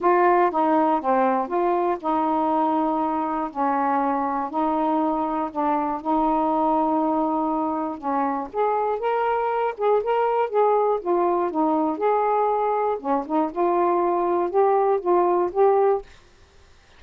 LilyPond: \new Staff \with { instrumentName = "saxophone" } { \time 4/4 \tempo 4 = 120 f'4 dis'4 c'4 f'4 | dis'2. cis'4~ | cis'4 dis'2 d'4 | dis'1 |
cis'4 gis'4 ais'4. gis'8 | ais'4 gis'4 f'4 dis'4 | gis'2 cis'8 dis'8 f'4~ | f'4 g'4 f'4 g'4 | }